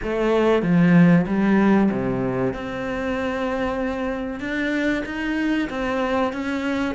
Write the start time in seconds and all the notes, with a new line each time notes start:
0.03 A3
0.62 F3
1.27 G3
1.91 C3
2.53 C4
4.40 D4
5.05 D#4
5.69 C4
6.32 C#4